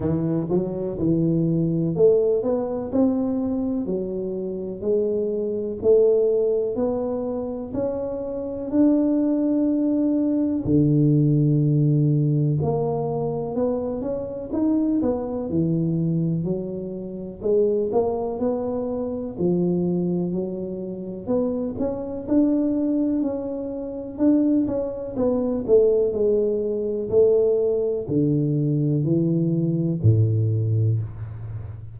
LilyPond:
\new Staff \with { instrumentName = "tuba" } { \time 4/4 \tempo 4 = 62 e8 fis8 e4 a8 b8 c'4 | fis4 gis4 a4 b4 | cis'4 d'2 d4~ | d4 ais4 b8 cis'8 dis'8 b8 |
e4 fis4 gis8 ais8 b4 | f4 fis4 b8 cis'8 d'4 | cis'4 d'8 cis'8 b8 a8 gis4 | a4 d4 e4 a,4 | }